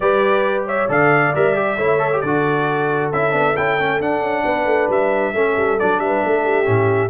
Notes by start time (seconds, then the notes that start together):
0.00 G3 G4 B4 D5
0.66 C#5 E5
0.88 D3 A4 D5 F5
1.35 G3 A#4 E5
1.55 G4
1.77 A3 E4 C#5
1.98 A4
2.12 G4
2.20 D3 F#4 A4 D5
3.12 C#4 E4 E5
3.31 B3 D4
3.56 C#4 E4 G5
3.79 A3 C#4
4.00 D4 F#5
4.21 C#4
4.44 B3 B4
4.65 A3
4.89 G3 E5
5.34 A3 C#4 A4
5.56 G3
5.79 F#3 D4 D5
5.98 G3 B4 E5
6.24 A3 A4
6.44 G4
6.64 A2 C#4